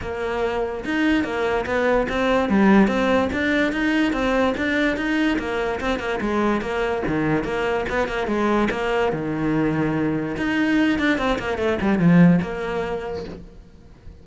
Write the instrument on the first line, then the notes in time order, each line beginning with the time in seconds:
cello
0.01 A#3
0.85 D#4
1.23 A#3
1.66 B3
2.08 C4
2.49 G3
2.87 C4
3.33 D4
3.72 D#4
4.12 C4
4.57 D4
4.96 D#4
5.38 A#3
5.80 C4
5.99 A#3
6.21 G#3
6.61 A#3
7.07 D#3
7.44 A#3
7.89 B3
8.07 A#3
8.27 G#3
8.70 A#3
9.12 D#3
10.37 D#4
10.98 D4
11.17 C4
11.38 A#3
11.57 A3
11.81 G3
11.98 F3
12.41 A#3